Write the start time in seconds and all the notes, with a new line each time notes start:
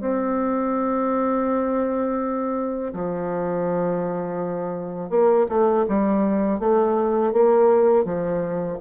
0.00 C4
2.93 F3
5.09 A#3
5.48 A3
5.88 G3
6.59 A3
7.32 A#3
8.04 F3